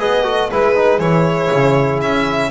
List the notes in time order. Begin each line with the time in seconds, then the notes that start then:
0.00 B3 G#4 B4 D#5
0.24 F#4 A4
0.49 G#3 E4 G#4 B4
0.76 D#4
0.99 E3 E4 C#5
1.52 C#3
2.02 C#4 E5